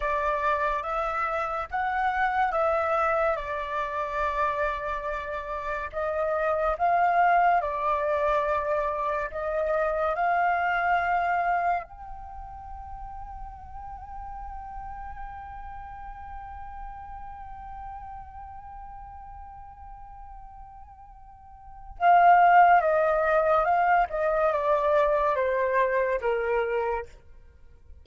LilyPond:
\new Staff \with { instrumentName = "flute" } { \time 4/4 \tempo 4 = 71 d''4 e''4 fis''4 e''4 | d''2. dis''4 | f''4 d''2 dis''4 | f''2 g''2~ |
g''1~ | g''1~ | g''2 f''4 dis''4 | f''8 dis''8 d''4 c''4 ais'4 | }